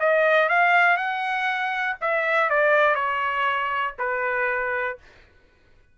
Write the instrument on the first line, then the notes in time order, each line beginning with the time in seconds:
trumpet
0.00 D#5
0.49 F5
0.97 F#5
2.01 E5
2.50 D5
2.95 C#5
3.98 B4